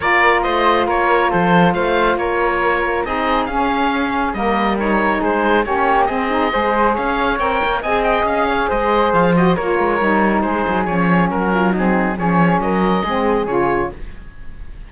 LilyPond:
<<
  \new Staff \with { instrumentName = "oboe" } { \time 4/4 \tempo 4 = 138 d''4 dis''4 cis''4 c''4 | f''4 cis''2 dis''4 | f''2 dis''4 cis''4 | c''4 cis''4 dis''2 |
f''4 g''4 gis''8 g''8 f''4 | dis''4 f''8 dis''8 cis''2 | c''4 cis''4 ais'4 gis'4 | cis''4 dis''2 cis''4 | }
  \new Staff \with { instrumentName = "flute" } { \time 4/4 ais'4 c''4 ais'4 a'4 | c''4 ais'2 gis'4~ | gis'2 ais'2 | gis'4 g'4 gis'4 c''4 |
cis''2 dis''4. cis''8 | c''2 ais'2 | gis'2 fis'8 f'8 dis'4 | gis'4 ais'4 gis'2 | }
  \new Staff \with { instrumentName = "saxophone" } { \time 4/4 f'1~ | f'2. dis'4 | cis'2 ais4 dis'4~ | dis'4 cis'4 c'8 dis'8 gis'4~ |
gis'4 ais'4 gis'2~ | gis'4. fis'8 f'4 dis'4~ | dis'4 cis'2 c'4 | cis'2 c'4 f'4 | }
  \new Staff \with { instrumentName = "cello" } { \time 4/4 ais4 a4 ais4 f4 | a4 ais2 c'4 | cis'2 g2 | gis4 ais4 c'4 gis4 |
cis'4 c'8 ais8 c'4 cis'4 | gis4 f4 ais8 gis8 g4 | gis8 fis8 f4 fis2 | f4 fis4 gis4 cis4 | }
>>